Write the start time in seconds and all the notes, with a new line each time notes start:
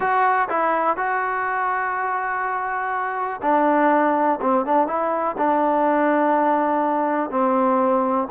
0.00 F#4
0.49 E4
0.96 F#4
3.41 D4
4.41 C4
4.65 D4
4.87 E4
5.37 D4
7.30 C4